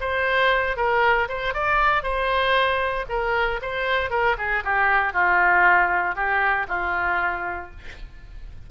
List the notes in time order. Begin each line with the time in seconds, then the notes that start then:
0.00 C5
0.76 A#4
1.28 C5
1.53 D5
2.03 C5
3.09 A#4
3.62 C5
4.10 A#4
4.37 G#4
4.64 G4
5.13 F4
6.15 G4
6.68 F4